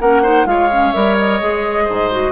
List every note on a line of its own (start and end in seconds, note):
0.00 0.45 A#3
0.00 0.23 C#4
0.00 0.22 A#4
0.00 0.46 F#5
0.22 0.45 D#4
0.22 0.45 C5
0.45 0.92 G#3
0.45 0.69 F4
0.45 1.84 C#5
0.45 0.92 F5
0.71 0.94 C#4
0.92 1.41 G3
0.92 1.41 A#4
0.92 1.16 E5
1.17 2.32 D#5
1.41 1.88 G#3
1.41 2.11 G#4
1.84 2.32 G#2
1.84 2.31 C5
2.11 2.32 F#4